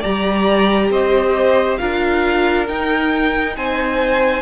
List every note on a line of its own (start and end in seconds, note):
0.00 0.90 G3
0.00 1.79 G4
0.00 0.88 D5
0.00 0.91 A#5
0.90 1.78 C4
0.90 1.80 C5
0.90 1.77 D#5
1.77 2.69 D4
1.77 2.68 F4
1.77 3.57 A#4
1.77 2.66 F5
2.68 3.56 D#4
2.68 4.43 D#4
2.68 3.57 G5
3.56 4.43 C4
3.56 4.43 C5
3.56 4.43 G#5